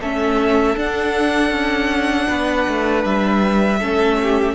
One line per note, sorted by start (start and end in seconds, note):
0.00 0.76 A3
0.00 0.75 C#4
0.00 2.27 A4
0.00 0.78 E5
0.75 3.79 D4
0.75 1.50 D4
0.75 3.04 F#5
1.50 2.26 C#4
2.27 2.66 B3
2.27 3.79 B4
2.68 3.04 A3
3.04 3.80 G3
3.04 4.54 E5
3.79 4.54 A3
3.79 4.54 C#4
3.79 4.17 A4
4.22 4.54 G4